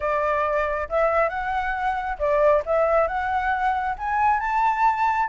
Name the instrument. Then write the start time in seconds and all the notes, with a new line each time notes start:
flute
0.00 D5
0.89 E5
1.29 F#5
2.18 D5
2.65 E5
3.07 F#5
3.97 G#5
4.40 A5